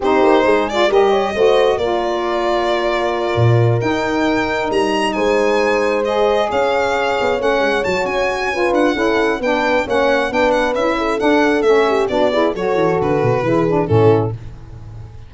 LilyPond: <<
  \new Staff \with { instrumentName = "violin" } { \time 4/4 \tempo 4 = 134 c''4. d''8 dis''2 | d''1~ | d''8 g''2 ais''4 gis''8~ | gis''4. dis''4 f''4.~ |
f''8 fis''4 a''8 gis''4. fis''8~ | fis''4 g''4 fis''4 g''8 fis''8 | e''4 fis''4 e''4 d''4 | cis''4 b'2 a'4 | }
  \new Staff \with { instrumentName = "horn" } { \time 4/4 g'4 gis'4 ais'8 cis''8 c''4 | ais'1~ | ais'2.~ ais'8 c''8~ | c''2~ c''8 cis''4.~ |
cis''2. b'4 | a'4 b'4 cis''4 b'4~ | b'8 a'2 g'8 fis'8 gis'8 | a'2 gis'4 e'4 | }
  \new Staff \with { instrumentName = "saxophone" } { \time 4/4 dis'4. f'8 g'4 fis'4 | f'1~ | f'8 dis'2.~ dis'8~ | dis'4. gis'2~ gis'8~ |
gis'8 cis'4 fis'4. f'4 | e'4 d'4 cis'4 d'4 | e'4 d'4 cis'4 d'8 e'8 | fis'2 e'8 d'8 cis'4 | }
  \new Staff \with { instrumentName = "tuba" } { \time 4/4 c'8 ais8 gis4 g4 a4 | ais2.~ ais8 ais,8~ | ais,8 dis'2 g4 gis8~ | gis2~ gis8 cis'4. |
b8 a8 gis8 fis8 cis'4. d'8 | cis'4 b4 ais4 b4 | cis'4 d'4 a4 b4 | fis8 e8 d8 b,8 e4 a,4 | }
>>